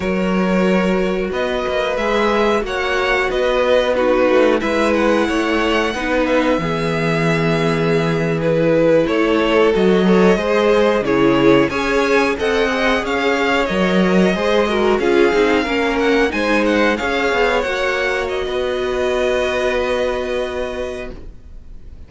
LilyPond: <<
  \new Staff \with { instrumentName = "violin" } { \time 4/4 \tempo 4 = 91 cis''2 dis''4 e''4 | fis''4 dis''4 b'4 e''8 fis''8~ | fis''4. e''2~ e''8~ | e''8. b'4 cis''4 dis''4~ dis''16~ |
dis''8. cis''4 gis''4 fis''4 f''16~ | f''8. dis''2 f''4~ f''16~ | f''16 fis''8 gis''8 fis''8 f''4 fis''4 dis''16~ | dis''1 | }
  \new Staff \with { instrumentName = "violin" } { \time 4/4 ais'2 b'2 | cis''4 b'4 fis'4 b'4 | cis''4 b'4 gis'2~ | gis'4.~ gis'16 a'4. cis''8 c''16~ |
c''8. gis'4 cis''4 dis''4 cis''16~ | cis''4.~ cis''16 c''8 ais'8 gis'4 ais'16~ | ais'8. c''4 cis''2~ cis''16 | b'1 | }
  \new Staff \with { instrumentName = "viola" } { \time 4/4 fis'2. gis'4 | fis'2 dis'4 e'4~ | e'4 dis'4 b2~ | b8. e'2 fis'8 a'8 gis'16~ |
gis'8. e'4 gis'4 a'8 gis'8.~ | gis'8. ais'4 gis'8 fis'8 f'8 dis'8 cis'16~ | cis'8. dis'4 gis'4 fis'4~ fis'16~ | fis'1 | }
  \new Staff \with { instrumentName = "cello" } { \time 4/4 fis2 b8 ais8 gis4 | ais4 b4. a8 gis4 | a4 b4 e2~ | e4.~ e16 a4 fis4 gis16~ |
gis8. cis4 cis'4 c'4 cis'16~ | cis'8. fis4 gis4 cis'8 c'8 ais16~ | ais8. gis4 cis'8 b8 ais4~ ais16 | b1 | }
>>